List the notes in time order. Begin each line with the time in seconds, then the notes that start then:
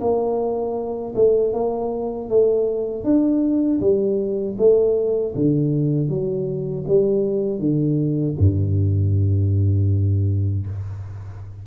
0.00 A#3
1.15 A3
1.53 A#3
2.29 A3
3.04 D4
3.80 G3
4.58 A3
5.35 D3
6.09 F#3
6.88 G3
7.59 D3
8.39 G2